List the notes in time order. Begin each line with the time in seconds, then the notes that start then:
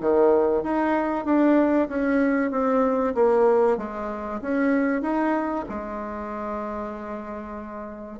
0.00 D#3
0.63 D#4
1.25 D4
1.88 C#4
2.51 C4
3.14 A#3
3.77 G#3
4.41 C#4
5.02 D#4
5.69 G#3